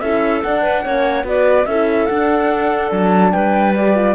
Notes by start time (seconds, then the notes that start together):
0.00 C#4 E4 A4 E5
0.42 D4 F#5
0.62 B4
0.84 A#3 C#4 C#5
1.24 B3 F#4 B4 D5
1.66 C#4 E4 A4 E5
2.06 D4 F#5
2.91 F#3 A5
3.32 G3 B4 G5
3.75 G4 D5
3.95 F4